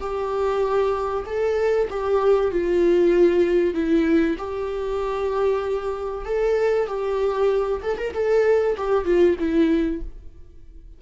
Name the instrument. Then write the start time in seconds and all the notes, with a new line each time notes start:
viola
0.00 G4
1.26 A4
1.89 G4
2.51 F4
3.73 E4
4.38 G4
6.25 A4
6.87 G4
7.82 A4
7.97 A#4
8.13 A4
8.77 G4
9.05 F4
9.39 E4